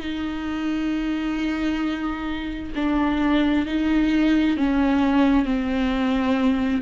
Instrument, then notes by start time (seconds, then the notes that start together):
viola
0.00 D#4
2.76 D4
3.67 D#4
4.57 C#4
5.45 C4